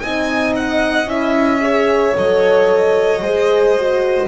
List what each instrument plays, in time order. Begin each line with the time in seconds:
0.00 double bass C4, horn D#4, violin D#5 G#5
0.56 violin F#5
1.07 double bass C#4, horn E4, violin E5
1.62 horn G#4, violin C#5
2.15 double bass F#3, horn A4, violin D#5
3.22 double bass G#3, horn G#4, violin C5
3.79 horn F#4